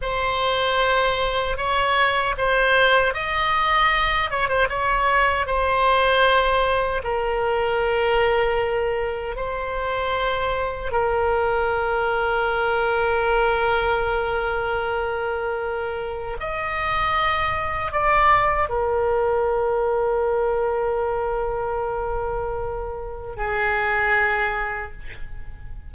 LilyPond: \new Staff \with { instrumentName = "oboe" } { \time 4/4 \tempo 4 = 77 c''2 cis''4 c''4 | dis''4. cis''16 c''16 cis''4 c''4~ | c''4 ais'2. | c''2 ais'2~ |
ais'1~ | ais'4 dis''2 d''4 | ais'1~ | ais'2 gis'2 | }